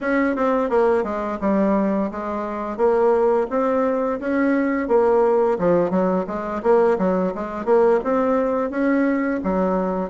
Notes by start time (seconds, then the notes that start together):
0.01 C#4
0.36 C4
0.69 A#3
1.03 G#3
1.40 G3
2.11 G#3
2.77 A#3
3.49 C4
4.20 C#4
4.88 A#3
5.58 F3
5.90 F#3
6.27 G#3
6.62 A#3
6.98 F#3
7.34 G#3
7.65 A#3
8.04 C4
8.70 C#4
9.43 F#3